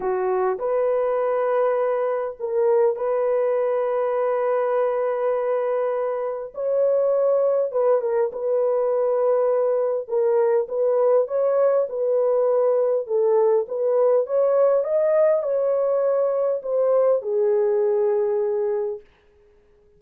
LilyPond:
\new Staff \with { instrumentName = "horn" } { \time 4/4 \tempo 4 = 101 fis'4 b'2. | ais'4 b'2.~ | b'2. cis''4~ | cis''4 b'8 ais'8 b'2~ |
b'4 ais'4 b'4 cis''4 | b'2 a'4 b'4 | cis''4 dis''4 cis''2 | c''4 gis'2. | }